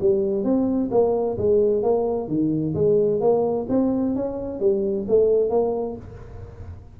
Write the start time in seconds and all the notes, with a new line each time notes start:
0.00 G3
0.43 C4
0.91 A#3
1.37 G#3
1.82 A#3
2.28 D#3
2.74 G#3
3.20 A#3
3.69 C4
4.15 C#4
4.59 G3
5.08 A3
5.49 A#3